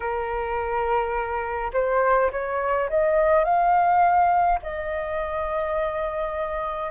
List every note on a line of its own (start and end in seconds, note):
0.00 1.71 A#4
1.73 2.31 C5
2.31 2.89 C#5
2.89 3.44 D#5
3.44 4.59 F5
4.62 6.91 D#5